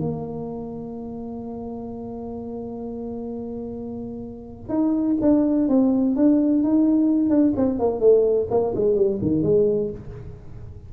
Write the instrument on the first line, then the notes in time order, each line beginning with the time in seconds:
tuba
0.00 A#3
4.69 D#4
5.21 D4
5.69 C4
6.16 D4
6.64 D#4
7.30 D4
7.57 C4
7.80 A#3
8.01 A3
8.51 A#3
8.76 G#3
8.95 G3
9.22 D#3
9.43 G#3